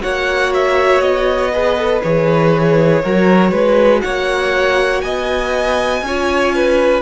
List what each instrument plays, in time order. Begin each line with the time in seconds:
0.00 cello A#3, viola F#4, violin C#5 F#5
0.54 violin E5
1.00 cello B3, violin D#5
1.52 viola G#4, violin B4
1.77 viola A4
2.03 cello E3, viola G#4, violin C#5
3.03 cello F#3, viola F#4, violin A#4
3.51 cello G#3, violin B4
4.01 cello A#3, violin C#5 F#5
5.01 cello B3, violin D#5 G#5
6.02 cello C#4, viola F4, violin C#5
6.55 violin B4